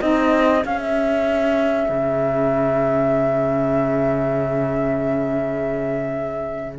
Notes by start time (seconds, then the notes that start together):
0.00 C4 D#4 G#4 D#5
0.63 C#4 F5
0.78 E5
1.89 C#3